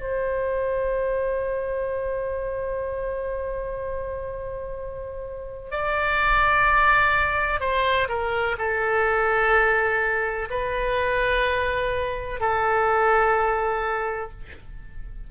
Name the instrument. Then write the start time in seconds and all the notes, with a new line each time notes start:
oboe
0.00 C5
5.71 D5
7.60 C5
8.08 A#4
8.58 A4
10.50 B4
12.40 A4